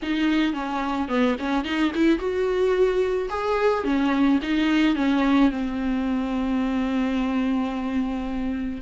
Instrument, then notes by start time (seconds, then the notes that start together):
viola
0.02 D#4
0.53 C#4
1.08 B3
1.39 C#4
1.64 D#4
1.94 E4
2.18 F#4
3.29 G#4
3.84 C#4
4.42 D#4
4.95 C#4
5.50 C4